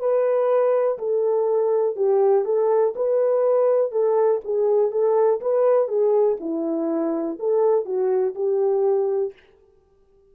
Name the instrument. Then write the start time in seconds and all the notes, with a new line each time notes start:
horn
0.00 B4
0.99 A4
1.97 G4
2.45 A4
2.96 B4
3.92 A4
4.45 G#4
4.92 A4
5.41 B4
5.88 G#4
6.40 E4
7.40 A4
7.86 F#4
8.35 G4